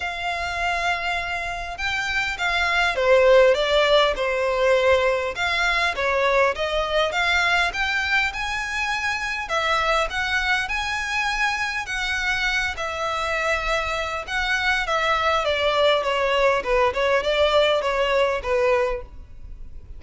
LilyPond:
\new Staff \with { instrumentName = "violin" } { \time 4/4 \tempo 4 = 101 f''2. g''4 | f''4 c''4 d''4 c''4~ | c''4 f''4 cis''4 dis''4 | f''4 g''4 gis''2 |
e''4 fis''4 gis''2 | fis''4. e''2~ e''8 | fis''4 e''4 d''4 cis''4 | b'8 cis''8 d''4 cis''4 b'4 | }